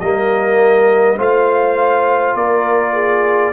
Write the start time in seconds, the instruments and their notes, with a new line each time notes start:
0.00 tuba G3, trombone A#3, horn A#4, trumpet D#5
1.17 tuba A3, trombone F4, horn C5, trumpet F5
2.35 tuba A#3, horn A#4, trumpet D5
2.93 horn G#4